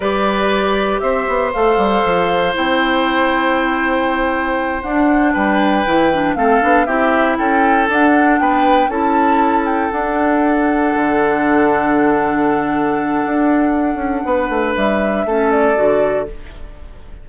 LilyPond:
<<
  \new Staff \with { instrumentName = "flute" } { \time 4/4 \tempo 4 = 118 d''2 e''4 f''4~ | f''4 g''2.~ | g''4. fis''4 g''4.~ | g''8 f''4 e''4 g''4 fis''8~ |
fis''8 g''4 a''4. g''8 fis''8~ | fis''1~ | fis''1~ | fis''4 e''4. d''4. | }
  \new Staff \with { instrumentName = "oboe" } { \time 4/4 b'2 c''2~ | c''1~ | c''2~ c''8 b'4.~ | b'8 a'4 g'4 a'4.~ |
a'8 b'4 a'2~ a'8~ | a'1~ | a'1 | b'2 a'2 | }
  \new Staff \with { instrumentName = "clarinet" } { \time 4/4 g'2. a'4~ | a'4 e'2.~ | e'4. d'2 e'8 | d'8 c'8 d'8 e'2 d'8~ |
d'4. e'2 d'8~ | d'1~ | d'1~ | d'2 cis'4 fis'4 | }
  \new Staff \with { instrumentName = "bassoon" } { \time 4/4 g2 c'8 b8 a8 g8 | f4 c'2.~ | c'4. d'4 g4 e8~ | e8 a8 b8 c'4 cis'4 d'8~ |
d'8 b4 cis'2 d'8~ | d'4. d2~ d8~ | d2 d'4. cis'8 | b8 a8 g4 a4 d4 | }
>>